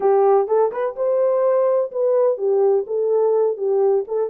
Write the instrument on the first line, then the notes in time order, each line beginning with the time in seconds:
horn
0.00 G4
0.47 A4
0.71 B4
0.95 C5
1.91 B4
2.37 G4
2.87 A4
3.57 G4
4.07 A4